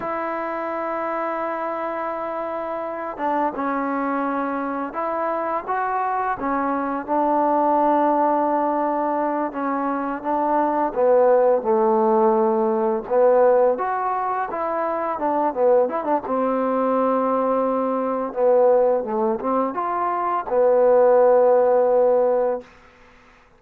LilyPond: \new Staff \with { instrumentName = "trombone" } { \time 4/4 \tempo 4 = 85 e'1~ | e'8 d'8 cis'2 e'4 | fis'4 cis'4 d'2~ | d'4. cis'4 d'4 b8~ |
b8 a2 b4 fis'8~ | fis'8 e'4 d'8 b8 e'16 d'16 c'4~ | c'2 b4 a8 c'8 | f'4 b2. | }